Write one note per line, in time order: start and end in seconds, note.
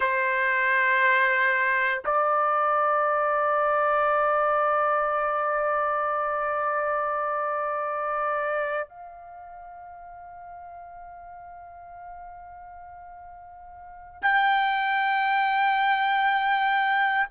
0.00 2.03 C5
2.04 8.88 D5
8.88 14.21 F5
14.21 17.27 G5